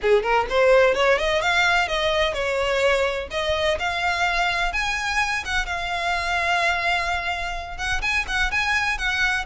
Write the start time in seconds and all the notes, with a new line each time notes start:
0.02 G#4
0.23 A#4
0.49 C5
0.94 C#5
1.18 D#5
1.41 F5
1.88 D#5
2.33 C#5
3.30 D#5
3.79 F5
4.72 G#5
5.44 F#5
5.66 F5
7.77 F#5
8.01 G#5
8.27 F#5
8.51 G#5
8.98 F#5